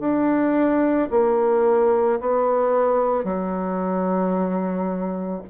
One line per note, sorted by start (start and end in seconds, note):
0.00 1.09 D4
1.11 2.20 A#3
2.20 3.24 B3
3.24 5.42 F#3